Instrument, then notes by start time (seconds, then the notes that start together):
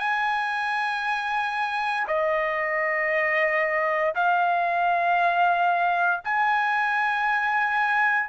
trumpet
0.00 G#5
2.08 D#5
4.15 F5
6.25 G#5